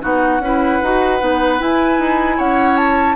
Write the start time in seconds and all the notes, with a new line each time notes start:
0.00 B3 D#4 F#4 F#5
0.39 C#4 E4 B4
0.82 D#4 F#4
1.19 B3 D#4
1.59 E4 G#5
1.98 D#4
2.37 C#4 C#5 F#5
2.76 A5